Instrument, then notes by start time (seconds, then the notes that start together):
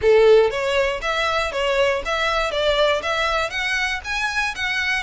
violin
0.01 A4
0.50 C#5
1.01 E5
1.51 C#5
2.05 E5
2.51 D5
3.02 E5
3.50 F#5
4.04 G#5
4.55 F#5